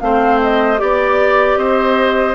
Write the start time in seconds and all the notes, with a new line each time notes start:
0.00 A3 C4 C5 F5
0.43 D#5
0.78 B3 G4 D5
1.57 C4 C5 D#5